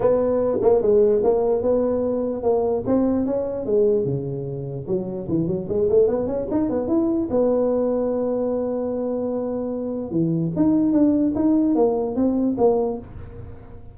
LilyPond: \new Staff \with { instrumentName = "tuba" } { \time 4/4 \tempo 4 = 148 b4. ais8 gis4 ais4 | b2 ais4 c'4 | cis'4 gis4 cis2 | fis4 e8 fis8 gis8 a8 b8 cis'8 |
dis'8 b8 e'4 b2~ | b1~ | b4 e4 dis'4 d'4 | dis'4 ais4 c'4 ais4 | }